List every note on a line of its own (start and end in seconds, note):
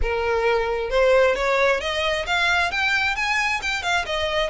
0.01 0.90 A#4
0.90 1.35 C5
1.35 1.80 C#5
1.80 2.25 D#5
2.26 2.71 F5
2.71 3.15 G5
3.15 3.60 G#5
3.62 3.82 G5
3.82 4.05 F5
4.05 4.49 D#5